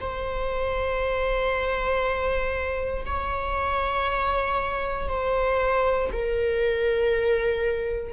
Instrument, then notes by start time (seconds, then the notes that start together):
viola
0.00 C5
3.06 C#5
5.08 C5
6.12 A#4